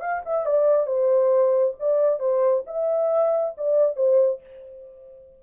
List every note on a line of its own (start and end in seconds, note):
0.00 0.22 F5
0.25 0.45 E5
0.45 0.86 D5
0.86 1.74 C5
1.79 2.19 D5
2.19 2.63 C5
2.67 3.54 E5
3.57 3.96 D5
3.96 4.40 C5